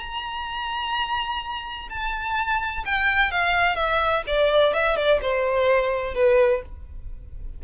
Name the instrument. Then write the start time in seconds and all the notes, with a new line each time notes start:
violin
0.00 A#5
1.90 A5
2.86 G5
3.32 F5
3.76 E5
4.28 D5
4.74 E5
4.97 D5
5.22 C5
6.15 B4